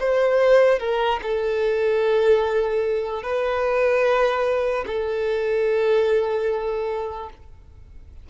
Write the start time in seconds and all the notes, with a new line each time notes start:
0.00 C5
0.80 A#4
1.23 A4
3.23 B4
4.87 A4